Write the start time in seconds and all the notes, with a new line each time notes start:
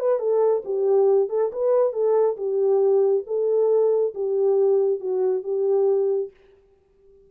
0.00 B4
0.20 A4
0.65 G4
1.30 A4
1.53 B4
1.93 A4
2.37 G4
3.27 A4
4.15 G4
5.00 F#4
5.44 G4